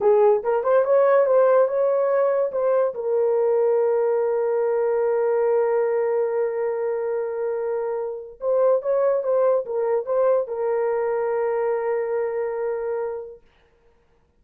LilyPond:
\new Staff \with { instrumentName = "horn" } { \time 4/4 \tempo 4 = 143 gis'4 ais'8 c''8 cis''4 c''4 | cis''2 c''4 ais'4~ | ais'1~ | ais'1~ |
ais'1 | c''4 cis''4 c''4 ais'4 | c''4 ais'2.~ | ais'1 | }